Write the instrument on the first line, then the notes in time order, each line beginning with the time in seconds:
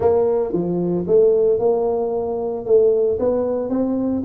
tuba
0.00 A#3
0.52 F3
1.07 A3
1.59 A#3
2.65 A3
3.19 B3
3.69 C4